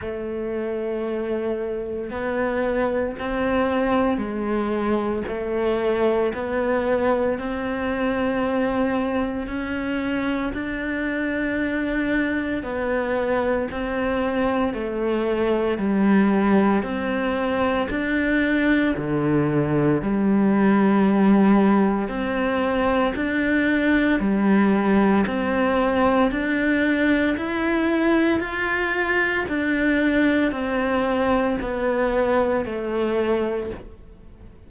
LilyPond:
\new Staff \with { instrumentName = "cello" } { \time 4/4 \tempo 4 = 57 a2 b4 c'4 | gis4 a4 b4 c'4~ | c'4 cis'4 d'2 | b4 c'4 a4 g4 |
c'4 d'4 d4 g4~ | g4 c'4 d'4 g4 | c'4 d'4 e'4 f'4 | d'4 c'4 b4 a4 | }